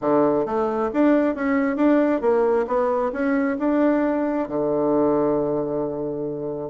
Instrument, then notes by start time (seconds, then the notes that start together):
bassoon
0.01 D3
0.45 A3
0.93 D4
1.35 C#4
1.76 D4
2.21 A#3
2.67 B3
3.12 C#4
3.58 D4
4.48 D3